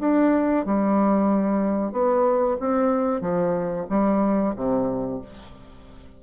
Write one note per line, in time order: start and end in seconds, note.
0.00 0.65 D4
0.65 1.92 G3
1.92 2.57 B3
2.60 3.21 C4
3.21 3.86 F3
3.89 4.54 G3
4.56 5.21 C3